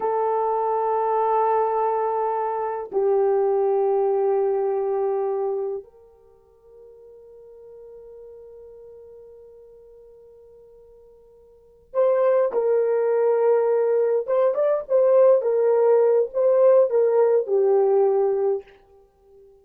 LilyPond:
\new Staff \with { instrumentName = "horn" } { \time 4/4 \tempo 4 = 103 a'1~ | a'4 g'2.~ | g'2 ais'2~ | ais'1~ |
ais'1~ | ais'8 c''4 ais'2~ ais'8~ | ais'8 c''8 d''8 c''4 ais'4. | c''4 ais'4 g'2 | }